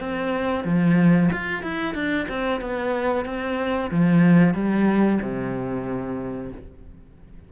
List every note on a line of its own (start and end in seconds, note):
0.00 0.65 C4
0.65 1.30 F3
1.32 1.63 F4
1.63 1.94 E4
1.94 2.27 D4
2.29 2.61 C4
2.61 3.25 B3
3.25 3.91 C4
3.91 4.54 F3
4.54 5.19 G3
5.22 6.52 C3